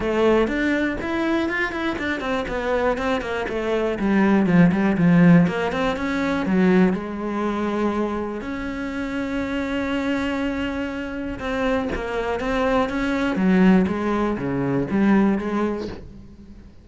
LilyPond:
\new Staff \with { instrumentName = "cello" } { \time 4/4 \tempo 4 = 121 a4 d'4 e'4 f'8 e'8 | d'8 c'8 b4 c'8 ais8 a4 | g4 f8 g8 f4 ais8 c'8 | cis'4 fis4 gis2~ |
gis4 cis'2.~ | cis'2. c'4 | ais4 c'4 cis'4 fis4 | gis4 cis4 g4 gis4 | }